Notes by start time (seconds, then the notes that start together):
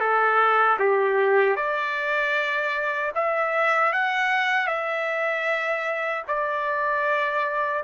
0.00 A4
0.79 G4
1.56 D5
3.15 E5
3.93 F#5
4.67 E5
6.28 D5